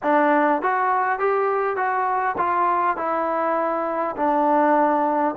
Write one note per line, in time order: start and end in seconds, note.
0.02 0.62 D4
0.62 1.19 F#4
1.19 1.76 G4
1.76 2.35 F#4
2.37 2.96 F4
2.96 4.15 E4
4.16 5.35 D4